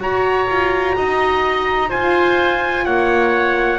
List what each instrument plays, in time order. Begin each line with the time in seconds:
0.00 double bass F#4, horn F#4, oboe C#5, trumpet A#5
0.49 double bass F4
0.96 double bass D#4, oboe D#5
1.89 horn F4, double bass F4, oboe C5, trumpet G#5
2.85 double bass A#3, oboe C#5, trumpet F#5